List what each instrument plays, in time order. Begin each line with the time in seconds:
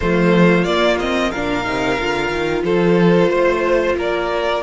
0.00 cello F3, viola A3, violin F4 C5
0.64 cello A#3, viola A#3, violin D5
0.99 viola C4, violin D#5
1.30 cello A#2, viola D4, violin A#4 F5
1.64 cello C3, viola D#4
1.98 cello D3, viola F4
2.30 cello D#3
2.63 cello F3, violin A4 C5
3.28 cello A3, violin C5
3.95 cello A#3, violin A#4 D5